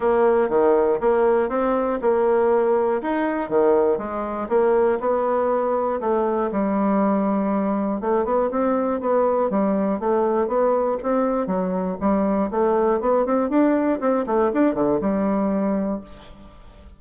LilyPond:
\new Staff \with { instrumentName = "bassoon" } { \time 4/4 \tempo 4 = 120 ais4 dis4 ais4 c'4 | ais2 dis'4 dis4 | gis4 ais4 b2 | a4 g2. |
a8 b8 c'4 b4 g4 | a4 b4 c'4 fis4 | g4 a4 b8 c'8 d'4 | c'8 a8 d'8 d8 g2 | }